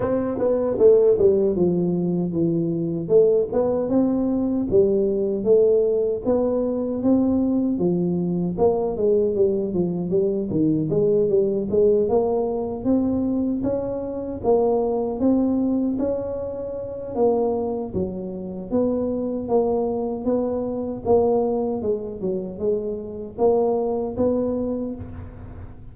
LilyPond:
\new Staff \with { instrumentName = "tuba" } { \time 4/4 \tempo 4 = 77 c'8 b8 a8 g8 f4 e4 | a8 b8 c'4 g4 a4 | b4 c'4 f4 ais8 gis8 | g8 f8 g8 dis8 gis8 g8 gis8 ais8~ |
ais8 c'4 cis'4 ais4 c'8~ | c'8 cis'4. ais4 fis4 | b4 ais4 b4 ais4 | gis8 fis8 gis4 ais4 b4 | }